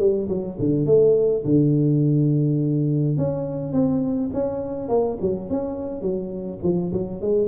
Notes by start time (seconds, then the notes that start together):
0.00 G3
0.29 F#3
0.60 D3
0.87 A3
1.45 D3
3.18 C#4
3.73 C4
4.34 C#4
4.89 A#3
5.21 F#3
5.50 C#4
6.02 F#3
6.64 F3
6.93 F#3
7.22 G#3